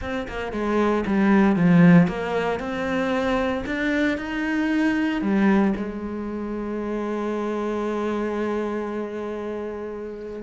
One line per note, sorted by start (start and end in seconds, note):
0.01 0.27 C4
0.28 0.52 A#3
0.52 1.04 G#3
1.06 1.55 G3
1.55 2.07 F3
2.07 2.59 A#3
2.59 3.64 C4
3.65 4.17 D4
4.17 5.21 D#4
5.21 5.73 G3
5.76 10.42 G#3